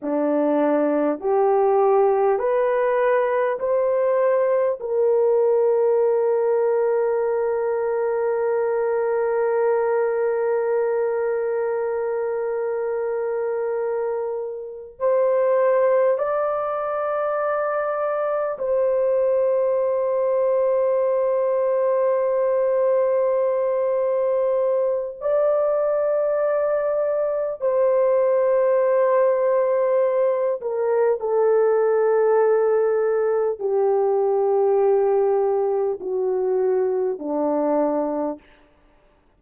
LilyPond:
\new Staff \with { instrumentName = "horn" } { \time 4/4 \tempo 4 = 50 d'4 g'4 b'4 c''4 | ais'1~ | ais'1~ | ais'8 c''4 d''2 c''8~ |
c''1~ | c''4 d''2 c''4~ | c''4. ais'8 a'2 | g'2 fis'4 d'4 | }